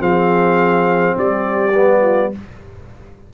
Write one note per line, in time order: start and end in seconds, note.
0.00 1.16 F3
0.00 1.73 C4
0.00 1.16 G#4
0.00 1.18 F5
1.16 2.34 G3
1.16 2.02 G4
1.16 2.34 D5
1.75 2.33 B3
2.02 2.31 F4